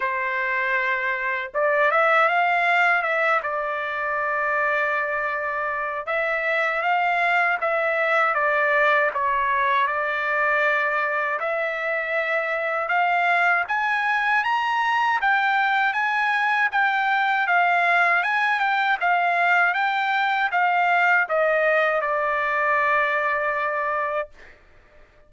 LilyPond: \new Staff \with { instrumentName = "trumpet" } { \time 4/4 \tempo 4 = 79 c''2 d''8 e''8 f''4 | e''8 d''2.~ d''8 | e''4 f''4 e''4 d''4 | cis''4 d''2 e''4~ |
e''4 f''4 gis''4 ais''4 | g''4 gis''4 g''4 f''4 | gis''8 g''8 f''4 g''4 f''4 | dis''4 d''2. | }